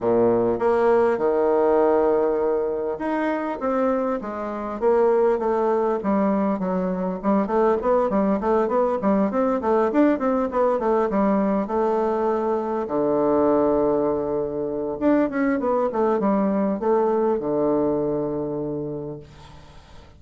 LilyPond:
\new Staff \with { instrumentName = "bassoon" } { \time 4/4 \tempo 4 = 100 ais,4 ais4 dis2~ | dis4 dis'4 c'4 gis4 | ais4 a4 g4 fis4 | g8 a8 b8 g8 a8 b8 g8 c'8 |
a8 d'8 c'8 b8 a8 g4 a8~ | a4. d2~ d8~ | d4 d'8 cis'8 b8 a8 g4 | a4 d2. | }